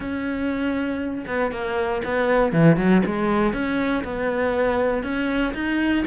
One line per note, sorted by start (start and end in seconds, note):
0.00 1.25 C#4
1.26 1.51 B3
1.51 2.01 A#3
2.04 2.52 B3
2.52 2.76 E3
2.76 3.02 F#3
3.05 3.53 G#3
3.53 4.03 C#4
4.03 5.03 B3
5.03 5.53 C#4
5.53 6.04 D#4